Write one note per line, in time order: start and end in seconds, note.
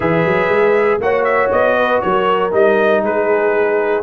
0.00 0.25 E3
0.00 1.01 G#4
0.00 1.00 B4
0.00 1.00 E5
0.25 0.48 F#3
0.48 0.99 G#3
1.00 1.51 A#3
1.00 2.51 F#4
1.00 1.76 C#5
1.00 1.23 F#5
1.23 1.49 E5
1.51 2.02 B3
1.51 2.01 D#5
1.76 2.02 B4
2.01 2.53 F#3
2.01 3.03 A#4
2.01 2.51 C#5
2.51 3.03 G3
2.51 4.02 D#4
2.51 3.04 D#5
3.03 4.03 G#3
3.03 4.03 G#4
3.03 4.03 B4